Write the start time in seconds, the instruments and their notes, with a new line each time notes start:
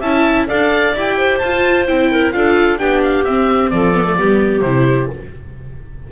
0.00 double bass C#4, viola E4, clarinet E5, oboe A5
0.47 double bass D4, viola A4, clarinet D5, oboe F5
0.95 double bass E4, viola G4, oboe G5
1.18 clarinet C5
1.39 double bass F4, viola F4, oboe A5
1.88 double bass C4, viola E4, oboe G5
2.11 clarinet A#4
2.33 double bass D4, viola F4, clarinet A4, oboe F5
2.78 double bass B3, viola D4, clarinet G4, oboe G5
3.03 oboe F5
3.25 double bass C4, viola C4, oboe E5
3.70 double bass F3, clarinet A4, oboe D5
3.95 viola B3
4.05 viola A3
4.17 double bass G3, viola B3, clarinet G4
4.61 double bass C3, viola E4, oboe C5